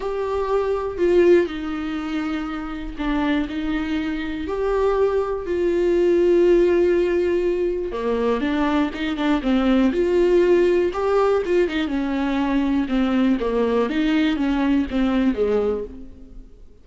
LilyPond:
\new Staff \with { instrumentName = "viola" } { \time 4/4 \tempo 4 = 121 g'2 f'4 dis'4~ | dis'2 d'4 dis'4~ | dis'4 g'2 f'4~ | f'1 |
ais4 d'4 dis'8 d'8 c'4 | f'2 g'4 f'8 dis'8 | cis'2 c'4 ais4 | dis'4 cis'4 c'4 gis4 | }